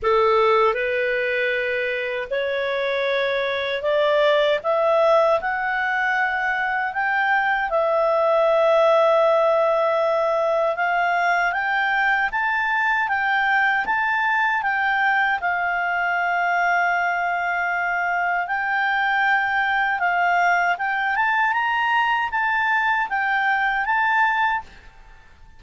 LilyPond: \new Staff \with { instrumentName = "clarinet" } { \time 4/4 \tempo 4 = 78 a'4 b'2 cis''4~ | cis''4 d''4 e''4 fis''4~ | fis''4 g''4 e''2~ | e''2 f''4 g''4 |
a''4 g''4 a''4 g''4 | f''1 | g''2 f''4 g''8 a''8 | ais''4 a''4 g''4 a''4 | }